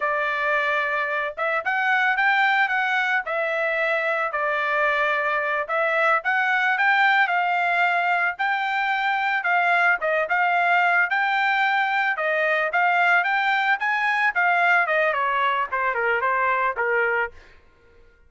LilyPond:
\new Staff \with { instrumentName = "trumpet" } { \time 4/4 \tempo 4 = 111 d''2~ d''8 e''8 fis''4 | g''4 fis''4 e''2 | d''2~ d''8 e''4 fis''8~ | fis''8 g''4 f''2 g''8~ |
g''4. f''4 dis''8 f''4~ | f''8 g''2 dis''4 f''8~ | f''8 g''4 gis''4 f''4 dis''8 | cis''4 c''8 ais'8 c''4 ais'4 | }